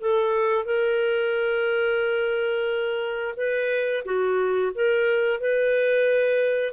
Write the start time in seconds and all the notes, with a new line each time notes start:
0.00 A4
0.64 A#4
3.36 B4
4.04 F#4
4.74 A#4
5.40 B4